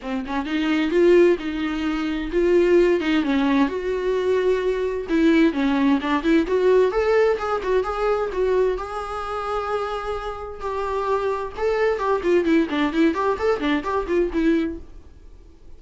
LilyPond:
\new Staff \with { instrumentName = "viola" } { \time 4/4 \tempo 4 = 130 c'8 cis'8 dis'4 f'4 dis'4~ | dis'4 f'4. dis'8 cis'4 | fis'2. e'4 | cis'4 d'8 e'8 fis'4 a'4 |
gis'8 fis'8 gis'4 fis'4 gis'4~ | gis'2. g'4~ | g'4 a'4 g'8 f'8 e'8 d'8 | e'8 g'8 a'8 d'8 g'8 f'8 e'4 | }